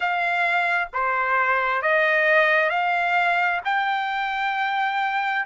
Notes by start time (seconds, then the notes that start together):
0.00 F5
0.93 C5
1.81 D#5
2.69 F5
3.64 G5